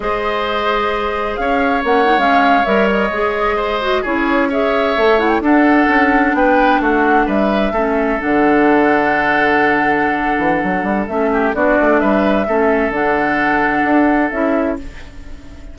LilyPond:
<<
  \new Staff \with { instrumentName = "flute" } { \time 4/4 \tempo 4 = 130 dis''2. f''4 | fis''8. f''4 e''8 dis''4.~ dis''16~ | dis''8. cis''4 e''4. fis''16 g''16 fis''16~ | fis''4.~ fis''16 g''4 fis''4 e''16~ |
e''4.~ e''16 fis''2~ fis''16~ | fis''1 | e''4 d''4 e''2 | fis''2. e''4 | }
  \new Staff \with { instrumentName = "oboe" } { \time 4/4 c''2. cis''4~ | cis''2.~ cis''8. c''16~ | c''8. gis'4 cis''2 a'16~ | a'4.~ a'16 b'4 fis'4 b'16~ |
b'8. a'2.~ a'16~ | a'1~ | a'8 g'8 fis'4 b'4 a'4~ | a'1 | }
  \new Staff \with { instrumentName = "clarinet" } { \time 4/4 gis'1 | cis'8 dis'16 cis'4 ais'4 gis'4~ gis'16~ | gis'16 fis'8 e'4 gis'4 a'8 e'8 d'16~ | d'1~ |
d'8. cis'4 d'2~ d'16~ | d'1 | cis'4 d'2 cis'4 | d'2. e'4 | }
  \new Staff \with { instrumentName = "bassoon" } { \time 4/4 gis2. cis'4 | ais8. gis4 g4 gis4~ gis16~ | gis8. cis'2 a4 d'16~ | d'8. cis'4 b4 a4 g16~ |
g8. a4 d2~ d16~ | d2~ d8 e8 fis8 g8 | a4 b8 a8 g4 a4 | d2 d'4 cis'4 | }
>>